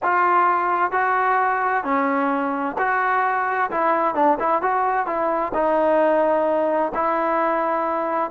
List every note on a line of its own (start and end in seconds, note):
0.03 0.91 F4
0.91 1.83 F#4
1.84 2.76 C#4
2.78 3.70 F#4
3.70 4.14 E4
4.14 4.37 D4
4.39 4.62 E4
4.62 5.06 F#4
5.06 5.52 E4
5.54 6.92 D#4
6.94 8.30 E4